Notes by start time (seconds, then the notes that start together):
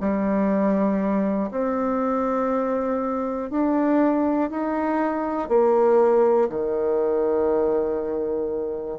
0.00 G3
1.50 C4
3.50 D4
4.50 D#4
5.48 A#3
6.49 D#3